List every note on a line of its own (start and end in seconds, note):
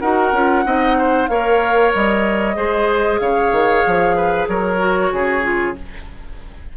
0.00 0.32 D#4
0.00 0.34 F#4
0.00 0.65 A#4
0.00 1.28 F#5
0.32 0.64 C#4
0.32 0.65 F4
0.65 1.30 C4
0.65 1.29 D#4
0.65 0.98 D#5
0.98 1.30 C5
1.28 1.93 A#3
1.28 2.55 A#4
1.28 2.56 C#5
1.28 1.92 F5
1.95 2.57 G3
1.95 3.19 D#5
2.55 3.21 G#3
2.55 4.79 G#4
2.55 3.20 C5
3.19 3.52 C#3
3.19 4.17 C#5
3.19 4.47 F5
3.52 3.84 D#3
3.87 4.49 F3
4.17 4.49 B4
4.48 5.12 F#3
4.48 5.13 A#4
4.48 5.76 C#5
4.79 5.43 F#4
5.13 5.77 C#3
5.13 5.77 G#4
5.43 5.75 F4